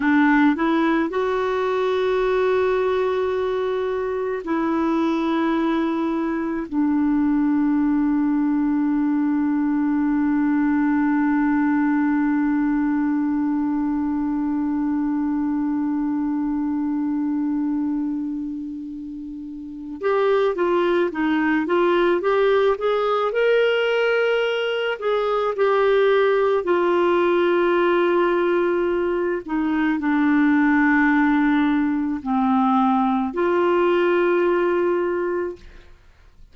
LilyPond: \new Staff \with { instrumentName = "clarinet" } { \time 4/4 \tempo 4 = 54 d'8 e'8 fis'2. | e'2 d'2~ | d'1~ | d'1~ |
d'2 g'8 f'8 dis'8 f'8 | g'8 gis'8 ais'4. gis'8 g'4 | f'2~ f'8 dis'8 d'4~ | d'4 c'4 f'2 | }